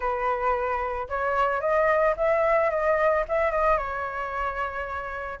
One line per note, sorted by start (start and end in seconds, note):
0.00 1.08 B4
1.08 1.60 C#5
1.60 2.14 D#5
2.16 2.70 E5
2.70 3.24 D#5
3.28 3.51 E5
3.51 3.77 D#5
3.77 5.39 C#5